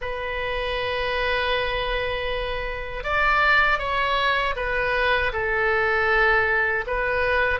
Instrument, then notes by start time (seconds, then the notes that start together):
oboe
0.01 B4
3.03 D5
3.78 C#5
4.56 B4
5.32 A4
6.87 B4